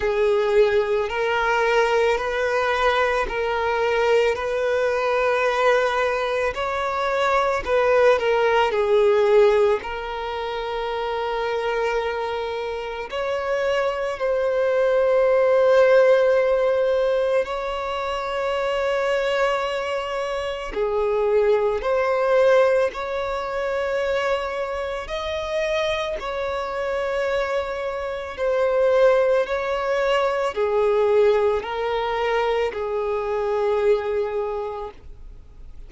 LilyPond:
\new Staff \with { instrumentName = "violin" } { \time 4/4 \tempo 4 = 55 gis'4 ais'4 b'4 ais'4 | b'2 cis''4 b'8 ais'8 | gis'4 ais'2. | cis''4 c''2. |
cis''2. gis'4 | c''4 cis''2 dis''4 | cis''2 c''4 cis''4 | gis'4 ais'4 gis'2 | }